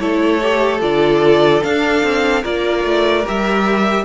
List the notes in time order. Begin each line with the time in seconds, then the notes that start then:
0.00 A3 E4 A4 C#5
0.43 G4
0.81 D3 F4 D5
1.62 D4 F5
2.04 C4
2.43 A#3 F4 A#4 D5
2.84 A3
3.25 G3 G4 E5